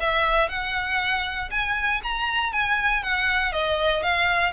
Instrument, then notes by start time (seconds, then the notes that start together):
violin
0.00 E5
0.49 F#5
1.51 G#5
2.03 A#5
2.52 G#5
3.03 F#5
3.52 D#5
4.03 F5